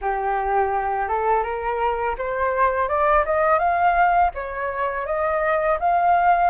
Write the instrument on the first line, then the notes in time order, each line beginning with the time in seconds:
flute
0.01 G4
1.08 A4
1.43 A#4
2.18 C5
2.88 D5
3.25 D#5
3.58 F5
4.34 C#5
5.05 D#5
5.79 F5